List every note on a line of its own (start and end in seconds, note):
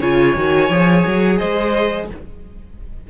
0.00 0.36 C#3
0.00 0.36 F4
0.00 1.38 C#5
0.00 1.38 G#5
0.36 0.70 D#3
0.36 0.71 F#4
0.70 1.04 F3
0.70 2.09 G#4
1.06 1.41 F#3
1.38 2.10 G#3
1.38 2.07 C5
1.38 2.07 D#5